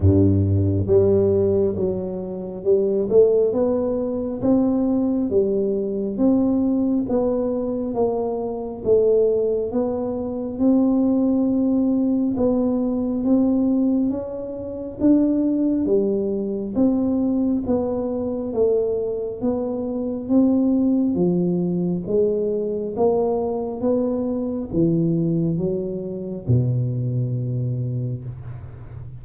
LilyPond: \new Staff \with { instrumentName = "tuba" } { \time 4/4 \tempo 4 = 68 g,4 g4 fis4 g8 a8 | b4 c'4 g4 c'4 | b4 ais4 a4 b4 | c'2 b4 c'4 |
cis'4 d'4 g4 c'4 | b4 a4 b4 c'4 | f4 gis4 ais4 b4 | e4 fis4 b,2 | }